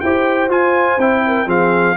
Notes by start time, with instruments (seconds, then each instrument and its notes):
0.00 tuba E4, trombone G4, horn C5, trumpet G5
0.48 tuba F4, trombone F4, trumpet G#5
0.97 tuba C4, trombone E4, trumpet G5
1.26 horn A#4
1.46 tuba F3, trombone C4, horn G#4, trumpet F5